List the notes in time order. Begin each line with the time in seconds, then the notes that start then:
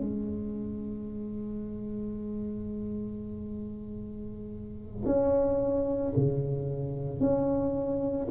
0.00 G#3
5.06 C#4
6.17 C#3
7.20 C#4